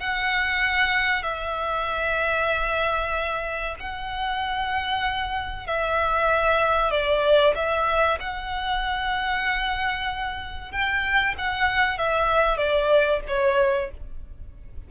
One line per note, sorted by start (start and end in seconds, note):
0.00 1.23 F#5
1.23 3.76 E5
3.80 5.67 F#5
5.67 6.91 E5
6.91 7.54 D5
7.55 8.18 E5
8.20 10.72 F#5
10.72 11.35 G5
11.38 11.98 F#5
11.98 12.57 E5
12.57 13.20 D5
13.27 13.91 C#5